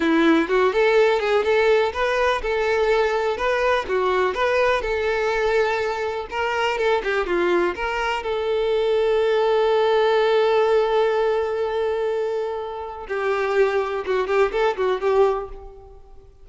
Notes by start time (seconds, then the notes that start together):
0.00 E4
0.48 F#4
0.73 A4
1.19 G#4
1.44 A4
1.93 B4
2.42 A4
3.37 B4
3.88 F#4
4.34 B4
4.81 A4
6.30 A#4
6.77 A4
7.03 G4
7.26 F4
7.75 A#4
8.23 A4
13.08 G4
14.06 F#4
14.27 G4
14.52 A4
14.76 F#4
15.00 G4